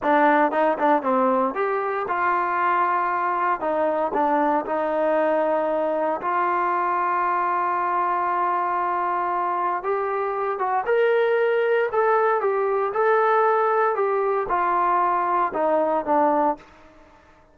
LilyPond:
\new Staff \with { instrumentName = "trombone" } { \time 4/4 \tempo 4 = 116 d'4 dis'8 d'8 c'4 g'4 | f'2. dis'4 | d'4 dis'2. | f'1~ |
f'2. g'4~ | g'8 fis'8 ais'2 a'4 | g'4 a'2 g'4 | f'2 dis'4 d'4 | }